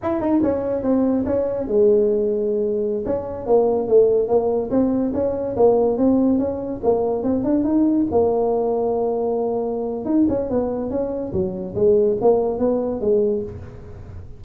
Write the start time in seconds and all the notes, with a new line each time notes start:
0.02 E4
0.20 D#4
0.42 C#4
0.83 C4
1.26 C#4
1.67 G#3
3.05 C#4
3.46 A#3
3.88 A3
4.28 A#3
4.70 C4
5.13 C#4
5.56 A#3
5.97 C4
6.38 C#4
6.83 A#3
7.23 C4
7.44 D4
7.64 D#4
8.11 A#3
10.05 D#4
10.29 C#4
10.50 B3
10.90 C#4
11.32 F#3
11.75 G#3
12.21 A#3
12.59 B3
13.00 G#3